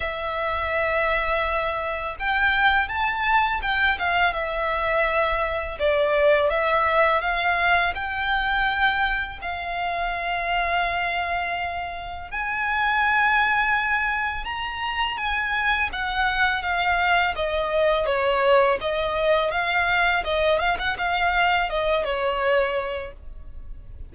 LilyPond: \new Staff \with { instrumentName = "violin" } { \time 4/4 \tempo 4 = 83 e''2. g''4 | a''4 g''8 f''8 e''2 | d''4 e''4 f''4 g''4~ | g''4 f''2.~ |
f''4 gis''2. | ais''4 gis''4 fis''4 f''4 | dis''4 cis''4 dis''4 f''4 | dis''8 f''16 fis''16 f''4 dis''8 cis''4. | }